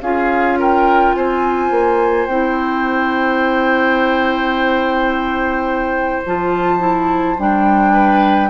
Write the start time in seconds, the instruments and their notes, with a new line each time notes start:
0.00 bassoon C#4, clarinet F4, oboe G#4, flute F5
0.58 oboe A#4, flute G5
1.14 bassoon C4, oboe C5, flute G#5
1.70 bassoon A#3
2.26 bassoon C4, clarinet E4, flute G5
6.25 bassoon F3, clarinet F4, flute A5
6.79 clarinet E4
7.38 bassoon G3, clarinet D4, flute G5
7.92 oboe B4